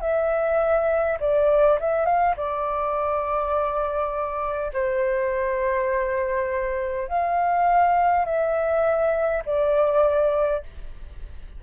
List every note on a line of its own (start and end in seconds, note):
0.00 1.18 E5
1.20 1.79 D5
1.80 2.05 E5
2.05 2.35 F5
2.37 4.72 D5
4.73 7.08 C5
7.08 8.25 F5
8.25 9.43 E5
9.45 10.63 D5